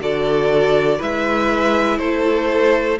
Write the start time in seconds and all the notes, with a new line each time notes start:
0.00 D3 F#4 A4 D5
0.98 G#3 E4 B4 E5
1.99 A3 A4 C5